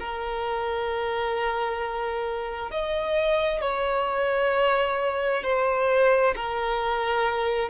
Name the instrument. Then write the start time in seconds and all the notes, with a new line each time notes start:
violin
0.00 A#4
2.71 D#5
3.61 C#5
5.43 C5
6.36 A#4